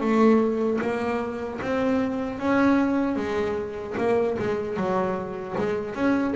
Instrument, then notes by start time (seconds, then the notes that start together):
double bass
0.00 A3
0.81 A#3
1.61 C4
2.38 C#4
3.16 G#3
3.97 A#3
4.39 G#3
4.77 F#3
5.58 G#3
5.94 C#4